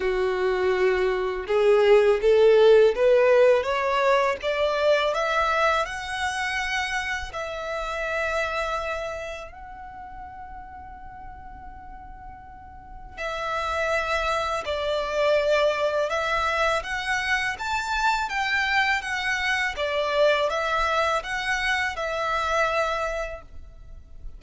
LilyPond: \new Staff \with { instrumentName = "violin" } { \time 4/4 \tempo 4 = 82 fis'2 gis'4 a'4 | b'4 cis''4 d''4 e''4 | fis''2 e''2~ | e''4 fis''2.~ |
fis''2 e''2 | d''2 e''4 fis''4 | a''4 g''4 fis''4 d''4 | e''4 fis''4 e''2 | }